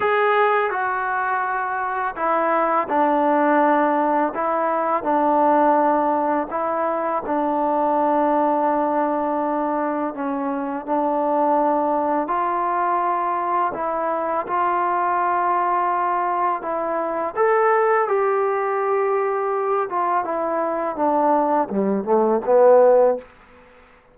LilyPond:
\new Staff \with { instrumentName = "trombone" } { \time 4/4 \tempo 4 = 83 gis'4 fis'2 e'4 | d'2 e'4 d'4~ | d'4 e'4 d'2~ | d'2 cis'4 d'4~ |
d'4 f'2 e'4 | f'2. e'4 | a'4 g'2~ g'8 f'8 | e'4 d'4 g8 a8 b4 | }